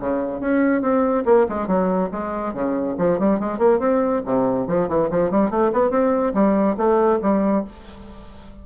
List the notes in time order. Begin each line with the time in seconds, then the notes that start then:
0.00 C#3
0.41 C#4
0.82 C4
1.26 A#3
1.49 G#3
1.68 F#3
2.12 G#3
2.54 C#3
2.98 F3
3.20 G3
3.40 G#3
3.59 A#3
3.80 C4
4.26 C3
4.68 F3
4.89 E3
5.11 F3
5.31 G3
5.51 A3
5.73 B3
5.91 C4
6.34 G3
6.78 A3
7.22 G3